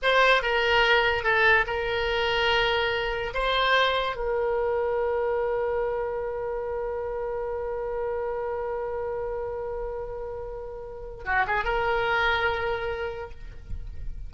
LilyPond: \new Staff \with { instrumentName = "oboe" } { \time 4/4 \tempo 4 = 144 c''4 ais'2 a'4 | ais'1 | c''2 ais'2~ | ais'1~ |
ais'1~ | ais'1~ | ais'2. fis'8 gis'8 | ais'1 | }